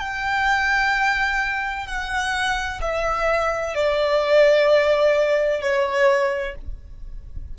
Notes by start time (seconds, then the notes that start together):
0.00 G5
1.87 F#5
2.81 E5
3.75 D5
5.61 C#5